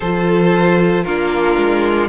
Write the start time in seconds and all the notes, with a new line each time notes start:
0.00 F3 F4 A4 C5
1.03 A#3 D4 F4 A#4
1.56 G#3